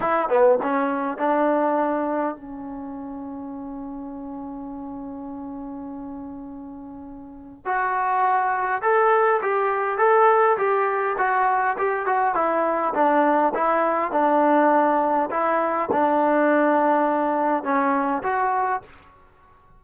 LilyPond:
\new Staff \with { instrumentName = "trombone" } { \time 4/4 \tempo 4 = 102 e'8 b8 cis'4 d'2 | cis'1~ | cis'1~ | cis'4 fis'2 a'4 |
g'4 a'4 g'4 fis'4 | g'8 fis'8 e'4 d'4 e'4 | d'2 e'4 d'4~ | d'2 cis'4 fis'4 | }